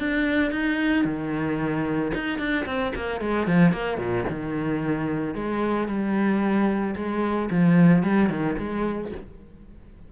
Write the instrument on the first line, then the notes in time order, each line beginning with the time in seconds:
cello
0.00 D4
0.52 D#4
1.05 D#3
2.15 D#4
2.39 D4
2.66 C4
2.96 A#3
3.21 G#3
3.47 F3
3.73 A#3
3.98 A#2
4.30 D#3
5.35 G#3
5.88 G3
6.96 G#3
7.51 F3
8.04 G3
8.30 D#3
8.59 G#3